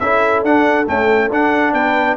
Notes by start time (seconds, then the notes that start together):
0.00 C#4 E4 A4 E5
0.43 D4 F#5
0.87 A3 C#4 G5
1.31 D4 F#5
1.73 B3 B4 G5